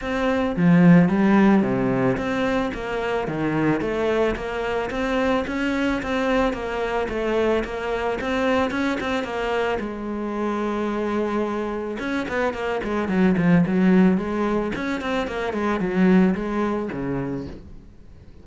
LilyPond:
\new Staff \with { instrumentName = "cello" } { \time 4/4 \tempo 4 = 110 c'4 f4 g4 c4 | c'4 ais4 dis4 a4 | ais4 c'4 cis'4 c'4 | ais4 a4 ais4 c'4 |
cis'8 c'8 ais4 gis2~ | gis2 cis'8 b8 ais8 gis8 | fis8 f8 fis4 gis4 cis'8 c'8 | ais8 gis8 fis4 gis4 cis4 | }